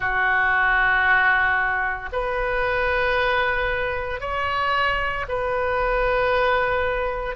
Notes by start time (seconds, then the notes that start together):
0.00 F#4
2.12 B4
4.20 C#5
5.28 B4